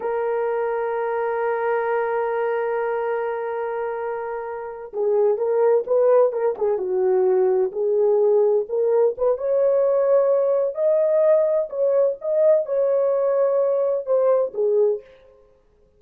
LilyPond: \new Staff \with { instrumentName = "horn" } { \time 4/4 \tempo 4 = 128 ais'1~ | ais'1~ | ais'2~ ais'8 gis'4 ais'8~ | ais'8 b'4 ais'8 gis'8 fis'4.~ |
fis'8 gis'2 ais'4 b'8 | cis''2. dis''4~ | dis''4 cis''4 dis''4 cis''4~ | cis''2 c''4 gis'4 | }